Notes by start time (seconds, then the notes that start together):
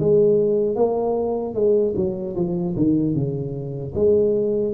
0.00 G#3
0.76 A#3
1.55 G#3
1.96 F#3
2.36 F3
2.77 D#3
3.15 C#3
3.95 G#3